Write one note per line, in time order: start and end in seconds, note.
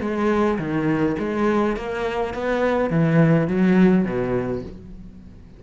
0.00 0.58 G#3
0.58 1.16 D#3
1.19 1.76 G#3
1.76 2.34 A#3
2.34 2.90 B3
2.90 3.47 E3
3.47 4.05 F#3
4.05 4.62 B2